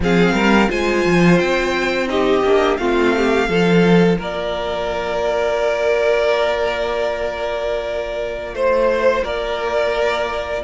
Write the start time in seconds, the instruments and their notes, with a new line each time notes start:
0.00 cello F3, viola C4, violin G#4 F5
0.33 cello G3, violin A#4
0.68 cello G#3, viola F4, violin C5 G#5
1.05 cello F3
1.38 cello C4, violin G5
2.07 viola D#4, violin G4 D#5
2.43 cello A#3, viola D4
2.77 cello A3, viola C4, violin F4 F5
3.16 violin G4
3.48 cello F3, viola F4, violin A4
4.18 cello A#3, violin A#4 D5
8.53 cello A3, violin C5
9.23 cello A#3, violin A#4 D5